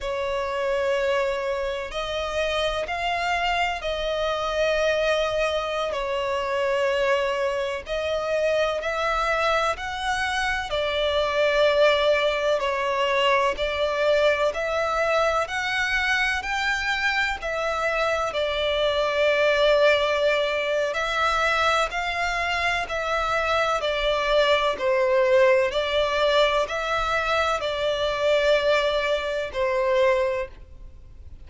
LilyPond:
\new Staff \with { instrumentName = "violin" } { \time 4/4 \tempo 4 = 63 cis''2 dis''4 f''4 | dis''2~ dis''16 cis''4.~ cis''16~ | cis''16 dis''4 e''4 fis''4 d''8.~ | d''4~ d''16 cis''4 d''4 e''8.~ |
e''16 fis''4 g''4 e''4 d''8.~ | d''2 e''4 f''4 | e''4 d''4 c''4 d''4 | e''4 d''2 c''4 | }